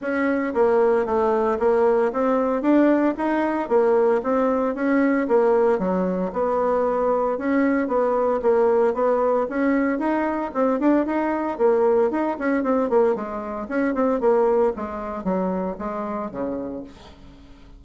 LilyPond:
\new Staff \with { instrumentName = "bassoon" } { \time 4/4 \tempo 4 = 114 cis'4 ais4 a4 ais4 | c'4 d'4 dis'4 ais4 | c'4 cis'4 ais4 fis4 | b2 cis'4 b4 |
ais4 b4 cis'4 dis'4 | c'8 d'8 dis'4 ais4 dis'8 cis'8 | c'8 ais8 gis4 cis'8 c'8 ais4 | gis4 fis4 gis4 cis4 | }